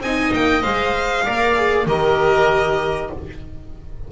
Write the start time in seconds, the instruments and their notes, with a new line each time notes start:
0.00 double bass C4, oboe D#5, violin G#5
0.06 viola D#4
0.34 double bass A#3, violin G5
0.62 double bass G#3, viola C5, violin F5
1.25 double bass A#3, viola A#4, oboe D5
1.56 viola G#4
1.87 double bass D#3, viola G4, oboe A#4, violin D#5